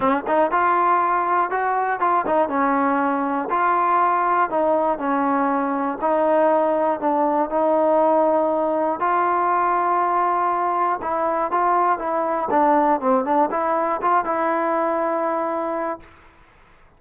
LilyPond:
\new Staff \with { instrumentName = "trombone" } { \time 4/4 \tempo 4 = 120 cis'8 dis'8 f'2 fis'4 | f'8 dis'8 cis'2 f'4~ | f'4 dis'4 cis'2 | dis'2 d'4 dis'4~ |
dis'2 f'2~ | f'2 e'4 f'4 | e'4 d'4 c'8 d'8 e'4 | f'8 e'2.~ e'8 | }